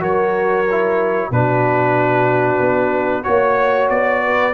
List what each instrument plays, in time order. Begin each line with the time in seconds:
0.00 tuba F#3, trombone F#4, horn A#4, trumpet C#5
0.71 trombone E4
1.31 tuba B2, trombone D4, horn F#4, trumpet B4
2.60 tuba B3
3.23 tuba A#3, trombone F#4, trumpet C#5, horn C#5
3.89 tuba B3, trumpet D5
4.24 horn B4